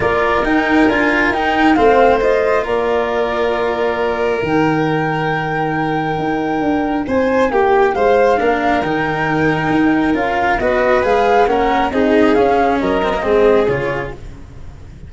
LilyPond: <<
  \new Staff \with { instrumentName = "flute" } { \time 4/4 \tempo 4 = 136 d''4 g''4 gis''4 g''4 | f''4 dis''4 d''2~ | d''2 g''2~ | g''1 |
gis''4 g''4 f''2 | g''2. f''4 | dis''4 f''4 fis''4 dis''4 | f''4 dis''2 cis''4 | }
  \new Staff \with { instrumentName = "violin" } { \time 4/4 ais'1 | c''2 ais'2~ | ais'1~ | ais'1 |
c''4 g'4 c''4 ais'4~ | ais'1 | b'2 ais'4 gis'4~ | gis'4 ais'4 gis'2 | }
  \new Staff \with { instrumentName = "cello" } { \time 4/4 f'4 dis'4 f'4 dis'4 | c'4 f'2.~ | f'2 dis'2~ | dis'1~ |
dis'2. d'4 | dis'2. f'4 | fis'4 gis'4 cis'4 dis'4 | cis'4. c'16 ais16 c'4 f'4 | }
  \new Staff \with { instrumentName = "tuba" } { \time 4/4 ais4 dis'4 d'4 dis'4 | a2 ais2~ | ais2 dis2~ | dis2 dis'4 d'4 |
c'4 ais4 gis4 ais4 | dis2 dis'4 cis'4 | b4 gis4 ais4 c'4 | cis'4 fis4 gis4 cis4 | }
>>